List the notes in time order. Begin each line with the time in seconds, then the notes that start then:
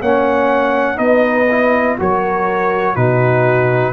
0.00 A#3 C#4 C#5 F#5
0.95 B3 D#4 B4 D#5
1.50 E4
1.98 F#3 F#4 A#4 C#5
2.94 B2 D#4 F#4 B4